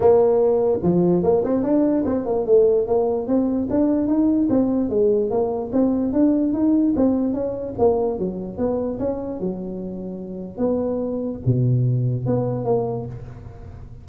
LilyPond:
\new Staff \with { instrumentName = "tuba" } { \time 4/4 \tempo 4 = 147 ais2 f4 ais8 c'8 | d'4 c'8 ais8 a4 ais4 | c'4 d'4 dis'4 c'4 | gis4 ais4 c'4 d'4 |
dis'4 c'4 cis'4 ais4 | fis4 b4 cis'4 fis4~ | fis2 b2 | b,2 b4 ais4 | }